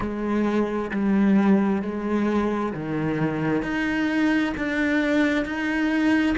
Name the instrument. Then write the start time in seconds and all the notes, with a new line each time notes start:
cello
0.00 G#3
0.91 G3
1.81 G#3
2.72 D#3
3.62 D#4
4.57 D4
5.45 D#4